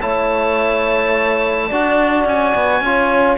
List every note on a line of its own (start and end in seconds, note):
0.00 1.71 A3
0.00 1.71 E4
0.00 1.68 C#5
0.00 2.27 A5
1.68 2.25 D4
1.68 2.85 F#4
1.68 2.81 D5
2.25 2.54 C#4
2.25 3.38 G#5
2.55 2.80 B3
2.80 3.37 C#4
2.80 3.38 F4
2.80 3.38 C#5